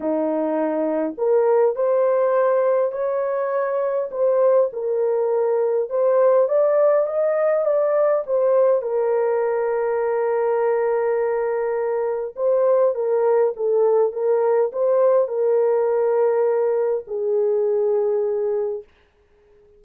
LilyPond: \new Staff \with { instrumentName = "horn" } { \time 4/4 \tempo 4 = 102 dis'2 ais'4 c''4~ | c''4 cis''2 c''4 | ais'2 c''4 d''4 | dis''4 d''4 c''4 ais'4~ |
ais'1~ | ais'4 c''4 ais'4 a'4 | ais'4 c''4 ais'2~ | ais'4 gis'2. | }